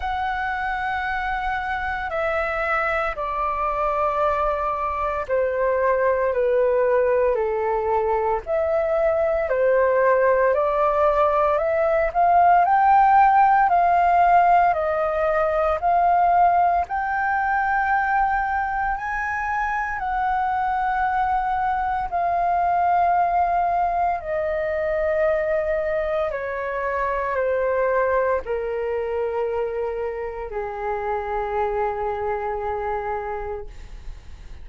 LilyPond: \new Staff \with { instrumentName = "flute" } { \time 4/4 \tempo 4 = 57 fis''2 e''4 d''4~ | d''4 c''4 b'4 a'4 | e''4 c''4 d''4 e''8 f''8 | g''4 f''4 dis''4 f''4 |
g''2 gis''4 fis''4~ | fis''4 f''2 dis''4~ | dis''4 cis''4 c''4 ais'4~ | ais'4 gis'2. | }